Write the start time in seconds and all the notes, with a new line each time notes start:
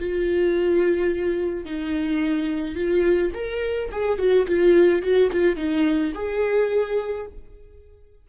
0.00 F4
1.66 D#4
2.76 F4
3.34 A#4
3.92 G#4
4.19 F#4
4.47 F4
5.03 F#4
5.32 F4
5.57 D#4
6.15 G#4